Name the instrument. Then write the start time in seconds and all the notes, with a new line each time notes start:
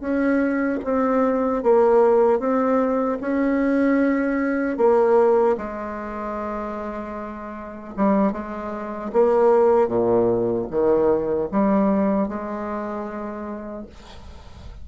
bassoon
0.00 C#4
0.84 C4
1.63 A#3
2.39 C4
3.21 C#4
4.77 A#3
5.57 G#3
7.96 G3
8.32 G#3
9.13 A#3
9.88 A#2
10.70 D#3
11.51 G3
12.28 G#3